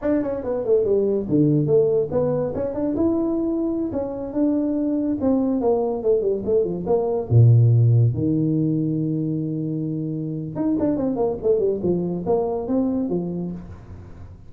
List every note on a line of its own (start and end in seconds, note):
0.01 0.22 D4
0.22 0.43 C#4
0.43 0.64 B3
0.64 0.84 A3
0.84 1.26 G3
1.28 1.66 D3
1.66 2.09 A3
2.11 2.53 B3
2.54 2.74 C#4
2.74 2.95 D4
2.96 3.91 E4
3.92 4.33 C#4
4.33 5.17 D4
5.20 5.60 C4
5.60 6.02 A#3
6.02 6.21 A3
6.21 6.42 G3
6.45 6.64 A3
6.64 6.85 F3
6.86 7.28 A#3
7.29 8.14 A#2
8.14 10.55 D#3
10.55 10.76 D#4
10.79 10.96 D4
10.96 11.16 C4
11.16 11.37 A#3
11.42 11.59 A3
11.59 11.80 G3
11.82 12.25 F3
12.26 12.67 A#3
12.67 13.09 C4
13.09 13.51 F3